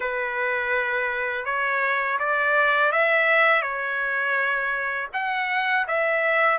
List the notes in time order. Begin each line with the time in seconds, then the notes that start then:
0.00 B4
1.45 C#5
2.19 D5
2.92 E5
3.62 C#5
5.13 F#5
5.87 E5